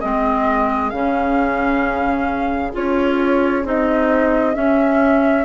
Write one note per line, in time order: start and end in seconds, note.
0.00 0.93 G#3
0.00 0.93 C4
0.00 5.45 G#4
0.00 0.90 D#5
0.90 2.74 C#3
0.90 2.73 C#4
0.90 2.72 F5
2.73 3.65 C#4
2.73 3.64 F4
2.73 3.67 C#5
3.65 4.56 C4
3.65 4.54 D#4
3.65 4.55 D#5
4.54 5.45 C#4
4.54 5.45 E5